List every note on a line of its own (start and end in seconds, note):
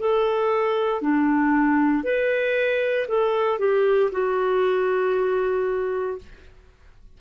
0.00 1.02 A4
1.02 2.04 D4
2.04 3.08 B4
3.08 3.59 A4
3.59 4.11 G4
4.12 6.19 F#4